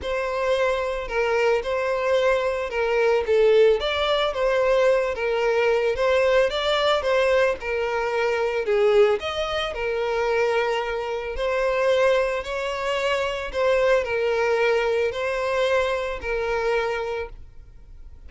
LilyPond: \new Staff \with { instrumentName = "violin" } { \time 4/4 \tempo 4 = 111 c''2 ais'4 c''4~ | c''4 ais'4 a'4 d''4 | c''4. ais'4. c''4 | d''4 c''4 ais'2 |
gis'4 dis''4 ais'2~ | ais'4 c''2 cis''4~ | cis''4 c''4 ais'2 | c''2 ais'2 | }